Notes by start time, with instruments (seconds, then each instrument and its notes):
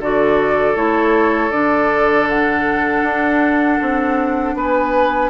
0.00 bassoon D3, clarinet F#4, oboe A4, flute D5
0.75 bassoon A3, clarinet E4, flute C#5
1.51 bassoon D3, clarinet D4, flute D5
2.29 flute F#5
3.03 bassoon D4
3.82 bassoon C4
4.55 bassoon B3, oboe B4, flute G#5